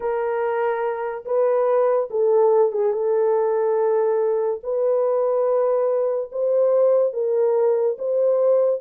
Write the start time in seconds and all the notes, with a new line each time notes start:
0.00 A#4
1.25 B4
2.10 A4
2.72 G#4
2.93 A4
4.63 B4
6.32 C5
7.13 A#4
7.98 C5